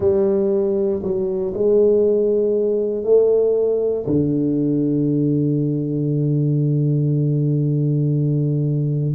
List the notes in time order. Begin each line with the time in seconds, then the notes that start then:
0.00 G3
1.02 F#3
1.53 G#3
3.04 A3
4.06 D3